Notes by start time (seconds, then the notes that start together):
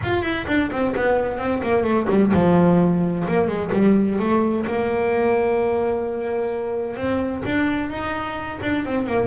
0.03 F4
0.22 E4
0.47 D4
0.71 C4
0.95 B3
1.38 C4
1.63 A#3
1.83 A3
2.09 G3
2.33 F3
3.27 A#3
3.47 G#3
3.72 G3
4.19 A3
4.66 A#3
6.96 C4
7.45 D4
7.90 D#4
8.62 D4
8.85 C4
9.06 A#3